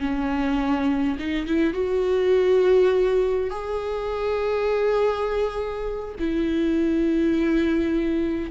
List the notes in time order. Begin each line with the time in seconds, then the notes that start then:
0.00 C#4
1.19 D#4
1.46 E4
1.74 F#4
3.50 G#4
6.20 E4